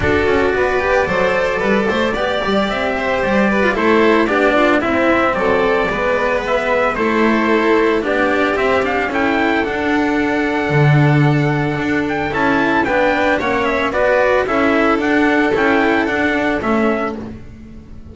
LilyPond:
<<
  \new Staff \with { instrumentName = "trumpet" } { \time 4/4 \tempo 4 = 112 d''1~ | d''4 e''4 d''4 c''4 | d''4 e''4 d''2 | e''4 c''2 d''4 |
e''8 f''8 g''4 fis''2~ | fis''2~ fis''8 g''8 a''4 | g''4 fis''8 e''8 d''4 e''4 | fis''4 g''4 fis''4 e''4 | }
  \new Staff \with { instrumentName = "violin" } { \time 4/4 a'4 b'4 c''4 b'8 c''8 | d''4. c''4 b'8 a'4 | g'8 f'8 e'4 a'4 b'4~ | b'4 a'2 g'4~ |
g'4 a'2.~ | a'1 | b'4 cis''4 b'4 a'4~ | a'1 | }
  \new Staff \with { instrumentName = "cello" } { \time 4/4 fis'4. g'8 a'2 | g'2~ g'8. f'16 e'4 | d'4 c'2 b4~ | b4 e'2 d'4 |
c'8 d'8 e'4 d'2~ | d'2. e'4 | d'4 cis'4 fis'4 e'4 | d'4 e'4 d'4 cis'4 | }
  \new Staff \with { instrumentName = "double bass" } { \time 4/4 d'8 cis'8 b4 fis4 g8 a8 | b8 g8 c'4 g4 a4 | b4 c'4 fis4 gis4~ | gis4 a2 b4 |
c'4 cis'4 d'2 | d2 d'4 cis'4 | b4 ais4 b4 cis'4 | d'4 cis'4 d'4 a4 | }
>>